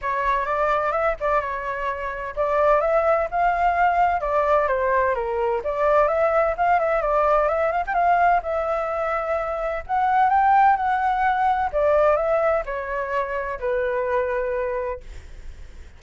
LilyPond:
\new Staff \with { instrumentName = "flute" } { \time 4/4 \tempo 4 = 128 cis''4 d''4 e''8 d''8 cis''4~ | cis''4 d''4 e''4 f''4~ | f''4 d''4 c''4 ais'4 | d''4 e''4 f''8 e''8 d''4 |
e''8 f''16 g''16 f''4 e''2~ | e''4 fis''4 g''4 fis''4~ | fis''4 d''4 e''4 cis''4~ | cis''4 b'2. | }